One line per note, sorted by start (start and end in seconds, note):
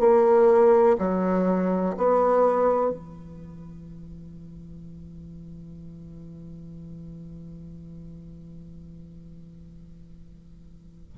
0.00 0.97 A#3
0.99 1.96 F#3
1.98 2.90 B3
2.90 11.13 E3